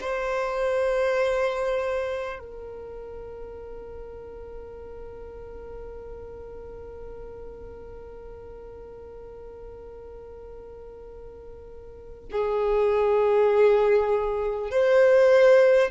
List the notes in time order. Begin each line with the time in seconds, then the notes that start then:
0.00 C5
2.39 A#4
12.31 G#4
14.71 C5